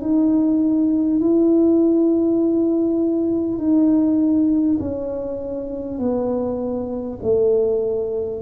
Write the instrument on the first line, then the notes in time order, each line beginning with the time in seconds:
tuba
0.00 D#4
1.20 E4
3.58 D#4
4.79 C#4
5.98 B3
7.22 A3